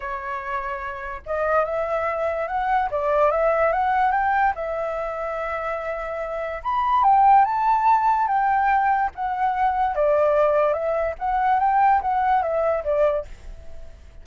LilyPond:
\new Staff \with { instrumentName = "flute" } { \time 4/4 \tempo 4 = 145 cis''2. dis''4 | e''2 fis''4 d''4 | e''4 fis''4 g''4 e''4~ | e''1 |
b''4 g''4 a''2 | g''2 fis''2 | d''2 e''4 fis''4 | g''4 fis''4 e''4 d''4 | }